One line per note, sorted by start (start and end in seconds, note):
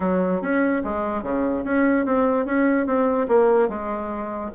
0.00 0.41 F#3
0.41 0.82 C#4
0.84 1.23 G#3
1.23 1.64 C#3
1.64 2.05 C#4
2.05 2.45 C4
2.45 2.86 C#4
2.86 3.27 C4
3.28 3.68 A#3
3.68 4.50 G#3